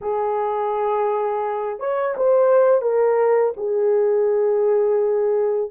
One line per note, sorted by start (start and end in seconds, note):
0.01 1.79 G#4
1.79 2.15 C#5
2.16 2.81 C5
2.81 3.53 A#4
3.56 5.71 G#4